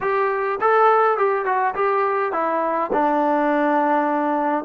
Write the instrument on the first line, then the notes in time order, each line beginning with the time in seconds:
trombone
0.00 G4
0.60 A4
1.17 G4
1.45 F#4
1.74 G4
2.32 E4
2.93 D4